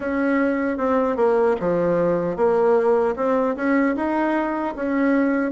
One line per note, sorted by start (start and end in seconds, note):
0.00 0.77 C#4
0.77 1.16 C4
1.16 1.56 A#3
1.60 2.36 F3
2.36 3.15 A#3
3.16 3.55 C4
3.56 3.95 C#4
3.95 4.74 D#4
4.75 5.51 C#4